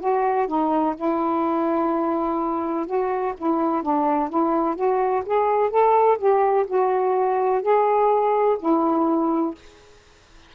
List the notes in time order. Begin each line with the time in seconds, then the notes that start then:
0.00 F#4
0.48 D#4
0.96 E4
2.87 F#4
3.38 E4
3.83 D4
4.29 E4
4.76 F#4
5.26 G#4
5.71 A4
6.19 G4
6.67 F#4
7.63 G#4
8.60 E4